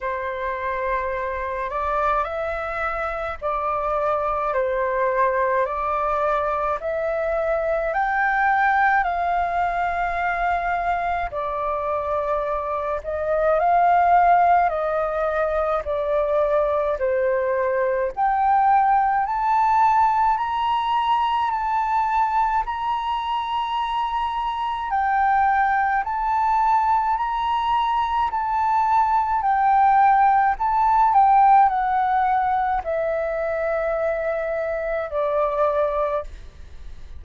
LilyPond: \new Staff \with { instrumentName = "flute" } { \time 4/4 \tempo 4 = 53 c''4. d''8 e''4 d''4 | c''4 d''4 e''4 g''4 | f''2 d''4. dis''8 | f''4 dis''4 d''4 c''4 |
g''4 a''4 ais''4 a''4 | ais''2 g''4 a''4 | ais''4 a''4 g''4 a''8 g''8 | fis''4 e''2 d''4 | }